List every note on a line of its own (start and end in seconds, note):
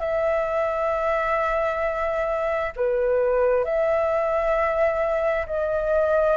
0.00 2.73 E5
2.76 3.65 B4
3.65 5.47 E5
5.47 6.38 D#5